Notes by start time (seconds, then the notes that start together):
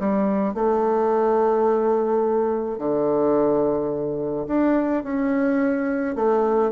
0.00 G3
0.55 A3
2.79 D3
4.48 D4
5.04 C#4
6.16 A3